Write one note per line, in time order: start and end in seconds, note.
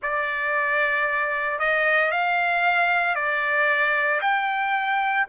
0.02 1.59 D5
1.59 2.11 D#5
2.11 3.15 F5
3.15 4.20 D5
4.21 5.26 G5